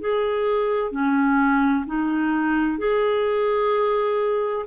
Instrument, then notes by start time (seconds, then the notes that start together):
clarinet
0.00 G#4
0.91 C#4
1.86 D#4
2.78 G#4